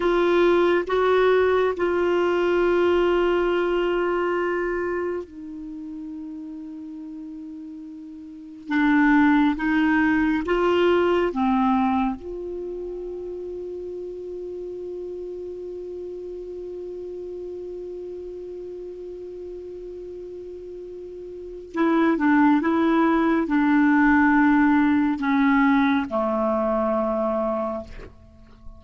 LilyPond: \new Staff \with { instrumentName = "clarinet" } { \time 4/4 \tempo 4 = 69 f'4 fis'4 f'2~ | f'2 dis'2~ | dis'2 d'4 dis'4 | f'4 c'4 f'2~ |
f'1~ | f'1~ | f'4 e'8 d'8 e'4 d'4~ | d'4 cis'4 a2 | }